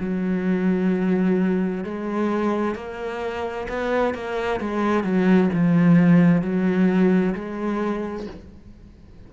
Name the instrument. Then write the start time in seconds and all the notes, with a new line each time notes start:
cello
0.00 F#3
1.84 G#3
2.75 A#3
3.69 B3
4.15 A#3
4.60 G#3
5.04 F#3
5.54 F3
6.42 F#3
7.35 G#3